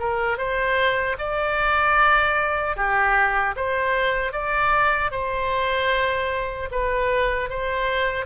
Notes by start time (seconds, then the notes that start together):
0.00 A#4
0.38 C5
1.19 D5
2.77 G4
3.57 C5
4.33 D5
5.12 C5
6.72 B4
7.50 C5